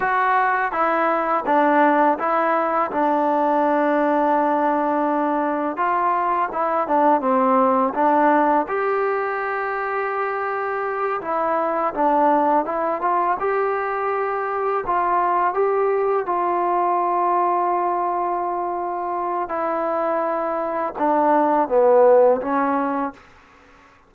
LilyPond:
\new Staff \with { instrumentName = "trombone" } { \time 4/4 \tempo 4 = 83 fis'4 e'4 d'4 e'4 | d'1 | f'4 e'8 d'8 c'4 d'4 | g'2.~ g'8 e'8~ |
e'8 d'4 e'8 f'8 g'4.~ | g'8 f'4 g'4 f'4.~ | f'2. e'4~ | e'4 d'4 b4 cis'4 | }